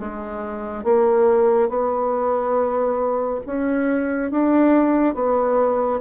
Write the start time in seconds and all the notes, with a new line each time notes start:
0.00 G#3
0.85 A#3
1.69 B3
3.47 C#4
4.32 D4
5.15 B3